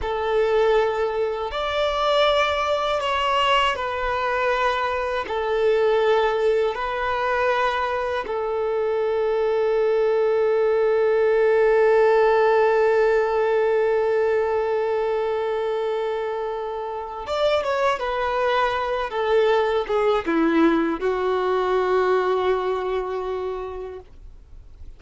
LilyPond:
\new Staff \with { instrumentName = "violin" } { \time 4/4 \tempo 4 = 80 a'2 d''2 | cis''4 b'2 a'4~ | a'4 b'2 a'4~ | a'1~ |
a'1~ | a'2. d''8 cis''8 | b'4. a'4 gis'8 e'4 | fis'1 | }